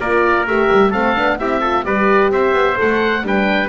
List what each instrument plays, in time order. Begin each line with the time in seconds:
0.00 double bass A#3, horn F4, trumpet A#4, oboe D5
0.47 double bass A3, horn G4, oboe E5
0.72 double bass G3
0.90 double bass A3, horn C4, trumpet A4, oboe F5
1.15 double bass B3, horn D4
1.38 double bass C4, horn E4, trumpet G4, oboe E5
1.61 horn F4, trumpet A4
1.84 double bass G3, horn G4, trumpet B4, oboe D5
2.30 double bass C4, trumpet C5, oboe E5
2.53 double bass B3
2.76 double bass A3, horn A4, oboe F#5
3.22 double bass G3, horn D4, trumpet B4, oboe G5